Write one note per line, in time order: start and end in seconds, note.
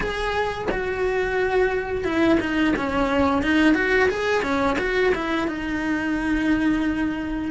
0.00 0.68 G#4
0.71 2.04 F#4
2.04 2.38 E4
2.40 2.74 D#4
2.76 3.42 C#4
3.42 3.74 D#4
3.74 4.08 F#4
4.09 4.42 G#4
4.42 4.76 C#4
4.78 5.12 F#4
5.14 5.47 E4
5.47 7.51 D#4